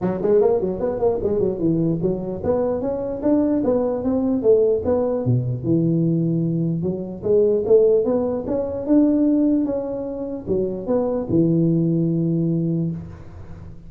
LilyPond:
\new Staff \with { instrumentName = "tuba" } { \time 4/4 \tempo 4 = 149 fis8 gis8 ais8 fis8 b8 ais8 gis8 fis8 | e4 fis4 b4 cis'4 | d'4 b4 c'4 a4 | b4 b,4 e2~ |
e4 fis4 gis4 a4 | b4 cis'4 d'2 | cis'2 fis4 b4 | e1 | }